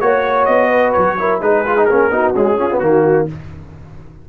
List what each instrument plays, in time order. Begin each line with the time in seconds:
0.00 tuba A#3, trombone F#4, trumpet C#5, horn C#5
0.45 tuba B3, trumpet D#5
0.69 horn B4
0.92 tuba F#3, trumpet C#5
1.18 trombone E4, horn A#4
1.41 tuba G#3, trombone D#4, horn G#4, trumpet B4
1.65 trombone F4
1.76 trombone D#4
1.85 tuba A#3, trombone C#4, trumpet A#4
2.10 tuba B3, trombone D#4, horn F#4
2.35 trombone G#3, tuba C#4, trumpet G#4
2.58 trombone C#4, horn F4
2.70 trombone B3
2.79 tuba D#3, trombone A#3, trumpet F#4, horn F#4